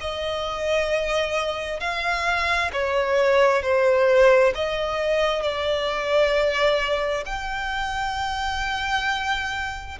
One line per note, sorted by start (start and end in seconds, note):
0.00 1.80 D#5
1.80 2.71 F5
2.72 3.62 C#5
3.62 4.53 C5
4.54 5.42 D#5
5.42 7.24 D5
7.25 9.98 G5